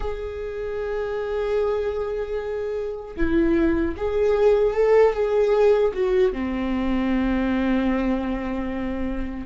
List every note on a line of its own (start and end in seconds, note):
0.00 3.15 G#4
3.16 3.95 E4
3.96 4.73 G#4
4.73 5.13 A4
5.13 5.92 G#4
5.93 6.32 F#4
6.32 9.46 C4